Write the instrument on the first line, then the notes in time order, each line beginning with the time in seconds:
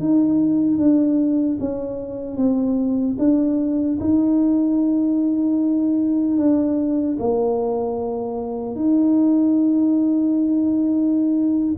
tuba
0.00 D#4
0.78 D4
1.60 C#4
2.37 C4
3.19 D4
4.00 D#4
6.38 D4
7.20 A#3
8.76 D#4